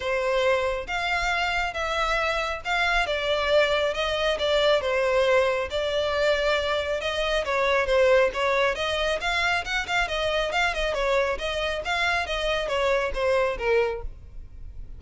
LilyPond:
\new Staff \with { instrumentName = "violin" } { \time 4/4 \tempo 4 = 137 c''2 f''2 | e''2 f''4 d''4~ | d''4 dis''4 d''4 c''4~ | c''4 d''2. |
dis''4 cis''4 c''4 cis''4 | dis''4 f''4 fis''8 f''8 dis''4 | f''8 dis''8 cis''4 dis''4 f''4 | dis''4 cis''4 c''4 ais'4 | }